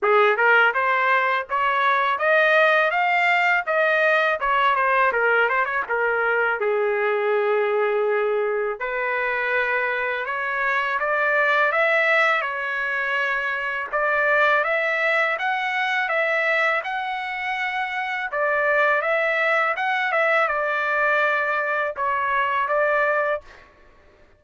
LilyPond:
\new Staff \with { instrumentName = "trumpet" } { \time 4/4 \tempo 4 = 82 gis'8 ais'8 c''4 cis''4 dis''4 | f''4 dis''4 cis''8 c''8 ais'8 c''16 cis''16 | ais'4 gis'2. | b'2 cis''4 d''4 |
e''4 cis''2 d''4 | e''4 fis''4 e''4 fis''4~ | fis''4 d''4 e''4 fis''8 e''8 | d''2 cis''4 d''4 | }